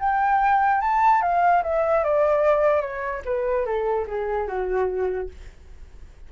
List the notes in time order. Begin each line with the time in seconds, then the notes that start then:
0.00 G5
0.82 A5
1.22 F5
1.64 E5
2.04 D5
2.82 C#5
3.25 B4
3.66 A4
4.08 G#4
4.48 F#4